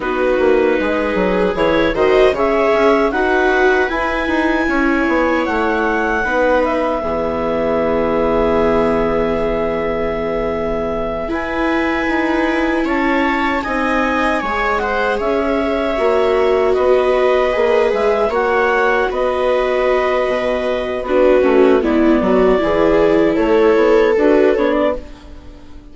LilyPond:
<<
  \new Staff \with { instrumentName = "clarinet" } { \time 4/4 \tempo 4 = 77 b'2 cis''8 dis''8 e''4 | fis''4 gis''2 fis''4~ | fis''8 e''2.~ e''8~ | e''2~ e''8 gis''4.~ |
gis''8 a''4 gis''4. fis''8 e''8~ | e''4. dis''4. e''8 fis''8~ | fis''8 dis''2~ dis''8 b'4 | d''2 cis''4 b'8 cis''16 d''16 | }
  \new Staff \with { instrumentName = "viola" } { \time 4/4 fis'4 gis'4. c''8 cis''4 | b'2 cis''2 | b'4 gis'2.~ | gis'2~ gis'8 b'4.~ |
b'8 cis''4 dis''4 cis''8 c''8 cis''8~ | cis''4. b'2 cis''8~ | cis''8 b'2~ b'8 fis'4 | e'8 fis'8 gis'4 a'2 | }
  \new Staff \with { instrumentName = "viola" } { \time 4/4 dis'2 e'8 fis'8 gis'4 | fis'4 e'2. | dis'4 b2.~ | b2~ b8 e'4.~ |
e'4. dis'4 gis'4.~ | gis'8 fis'2 gis'4 fis'8~ | fis'2. d'8 cis'8 | b4 e'2 fis'8 d'8 | }
  \new Staff \with { instrumentName = "bassoon" } { \time 4/4 b8 ais8 gis8 fis8 e8 dis8 cis8 cis'8 | dis'4 e'8 dis'8 cis'8 b8 a4 | b4 e2.~ | e2~ e8 e'4 dis'8~ |
dis'8 cis'4 c'4 gis4 cis'8~ | cis'8 ais4 b4 ais8 gis8 ais8~ | ais8 b4. b,4 b8 a8 | gis8 fis8 e4 a8 b8 d'8 b8 | }
>>